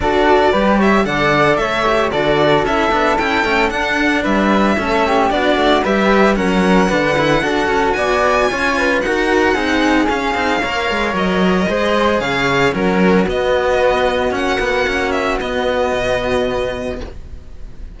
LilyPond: <<
  \new Staff \with { instrumentName = "violin" } { \time 4/4 \tempo 4 = 113 d''4. e''8 fis''4 e''4 | d''4 e''4 g''4 fis''4 | e''2 d''4 e''4 | fis''2. gis''4~ |
gis''4 fis''2 f''4~ | f''4 dis''2 f''4 | ais'4 dis''2 fis''4~ | fis''8 e''8 dis''2. | }
  \new Staff \with { instrumentName = "flute" } { \time 4/4 a'4 b'8 cis''8 d''4 cis''4 | a'1 | b'4 a'8 g'8 fis'4 b'4 | ais'4 b'4 a'4 d''4 |
cis''8 b'8 ais'4 gis'2 | cis''2 c''4 cis''4 | fis'1~ | fis'1 | }
  \new Staff \with { instrumentName = "cello" } { \time 4/4 fis'4 g'4 a'4. g'8 | fis'4 e'8 d'8 e'8 cis'8 d'4~ | d'4 cis'4 d'4 g'4 | cis'4 d'8 e'8 fis'2 |
f'4 fis'4 dis'4 cis'8 dis'8 | ais'2 gis'2 | cis'4 b2 cis'8 b8 | cis'4 b2. | }
  \new Staff \with { instrumentName = "cello" } { \time 4/4 d'4 g4 d4 a4 | d4 cis'8 b8 cis'8 a8 d'4 | g4 a4 b8 a8 g4 | fis4 d4 d'8 cis'8 b4 |
cis'4 dis'4 c'4 cis'8 c'8 | ais8 gis8 fis4 gis4 cis4 | fis4 b2 ais4~ | ais4 b4 b,2 | }
>>